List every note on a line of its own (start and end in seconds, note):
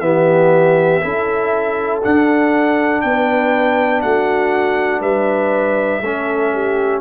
0.00 1.00 E3
0.00 1.01 B3
0.00 1.03 G4
0.00 2.00 E5
1.01 2.03 C#4
1.01 2.01 E4
1.01 3.03 A4
2.02 6.03 D4
2.02 3.04 D4
2.02 3.01 F#5
3.01 4.03 B3
3.01 4.03 B4
3.01 4.01 G5
4.02 5.01 A3
4.02 5.00 F#4
4.02 5.02 F#5
5.00 6.01 G3
5.00 6.00 B4
5.00 7.01 E5
6.01 7.01 A3
6.01 7.01 C#4
6.01 6.53 A4
6.53 7.01 G4